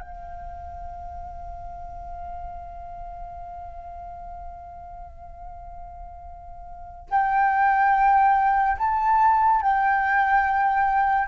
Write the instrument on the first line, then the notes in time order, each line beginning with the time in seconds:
flute
0.00 F5
7.10 G5
8.78 A5
9.61 G5